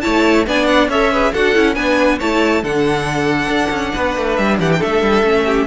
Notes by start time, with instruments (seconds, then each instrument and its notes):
0.00 cello A3, viola E4, violin C#5 A5
0.46 cello B3, viola D4, violin D5 G#5
0.65 violin F#5
0.88 cello C#4, viola A4, violin C#5 E5
1.11 viola G#4, violin B4
1.32 cello D4, viola F#4, violin A4 F#5
1.54 cello C#4, viola E4
1.75 cello B3, viola D4, violin B4 G#5
2.18 cello A3, viola E4, violin C#5 A5
2.62 cello D3, viola D4, violin A4 F#5
3.47 cello D4
3.70 cello C#4
3.92 cello B3, violin B4
4.16 cello A3
4.35 cello G3, violin E5
4.58 cello E3, violin G4 F#5
4.72 violin G5
4.78 cello A3, violin A4 E5
5.02 cello G3
5.22 cello A3, viola C#4
5.45 violin G4